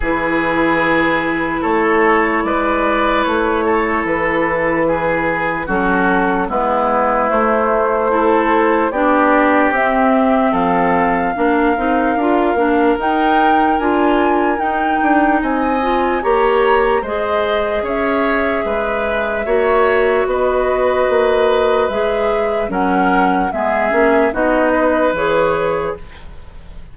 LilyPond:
<<
  \new Staff \with { instrumentName = "flute" } { \time 4/4 \tempo 4 = 74 b'2 cis''4 d''4 | cis''4 b'2 a'4 | b'4 c''2 d''4 | e''4 f''2. |
g''4 gis''4 g''4 gis''4 | ais''4 dis''4 e''2~ | e''4 dis''2 e''4 | fis''4 e''4 dis''4 cis''4 | }
  \new Staff \with { instrumentName = "oboe" } { \time 4/4 gis'2 a'4 b'4~ | b'8 a'4. gis'4 fis'4 | e'2 a'4 g'4~ | g'4 a'4 ais'2~ |
ais'2. dis''4 | cis''4 c''4 cis''4 b'4 | cis''4 b'2. | ais'4 gis'4 fis'8 b'4. | }
  \new Staff \with { instrumentName = "clarinet" } { \time 4/4 e'1~ | e'2. cis'4 | b4 a4 e'4 d'4 | c'2 d'8 dis'8 f'8 d'8 |
dis'4 f'4 dis'4. f'8 | g'4 gis'2. | fis'2. gis'4 | cis'4 b8 cis'8 dis'4 gis'4 | }
  \new Staff \with { instrumentName = "bassoon" } { \time 4/4 e2 a4 gis4 | a4 e2 fis4 | gis4 a2 b4 | c'4 f4 ais8 c'8 d'8 ais8 |
dis'4 d'4 dis'8 d'8 c'4 | ais4 gis4 cis'4 gis4 | ais4 b4 ais4 gis4 | fis4 gis8 ais8 b4 e4 | }
>>